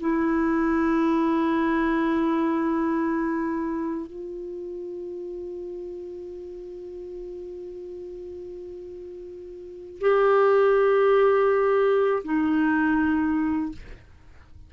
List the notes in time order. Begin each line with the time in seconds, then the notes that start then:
0.00 E4
4.07 F4
10.00 G4
12.24 D#4